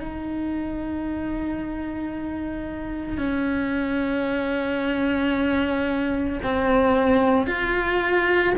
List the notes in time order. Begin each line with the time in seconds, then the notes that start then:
0.00 D#4
3.19 C#4
6.44 C4
7.47 F4